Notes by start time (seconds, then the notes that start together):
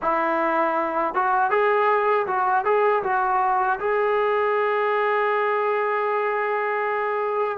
0.02 E4
1.14 F#4
1.50 G#4
2.26 F#4
2.64 G#4
3.03 F#4
3.79 G#4